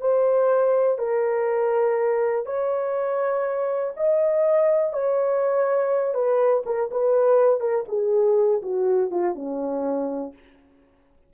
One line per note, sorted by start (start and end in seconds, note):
0.00 0.98 C5
0.98 2.45 A#4
2.45 3.93 C#5
3.96 4.93 D#5
4.93 6.14 C#5
6.14 6.63 B4
6.65 6.90 A#4
6.91 7.60 B4
7.60 7.84 A#4
7.88 8.62 G#4
8.62 9.10 F#4
9.10 9.34 F4
9.34 10.33 C#4